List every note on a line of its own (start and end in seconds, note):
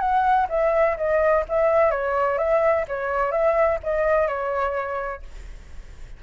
0.00 0.47 F#5
0.50 0.97 E5
0.97 1.45 D#5
1.49 1.91 E5
1.91 2.38 C#5
2.38 2.85 E5
2.88 3.32 C#5
3.32 3.79 E5
3.84 4.28 D#5
4.28 5.22 C#5